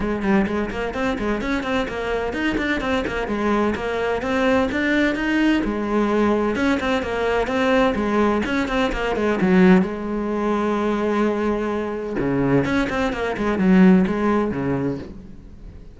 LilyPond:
\new Staff \with { instrumentName = "cello" } { \time 4/4 \tempo 4 = 128 gis8 g8 gis8 ais8 c'8 gis8 cis'8 c'8 | ais4 dis'8 d'8 c'8 ais8 gis4 | ais4 c'4 d'4 dis'4 | gis2 cis'8 c'8 ais4 |
c'4 gis4 cis'8 c'8 ais8 gis8 | fis4 gis2.~ | gis2 cis4 cis'8 c'8 | ais8 gis8 fis4 gis4 cis4 | }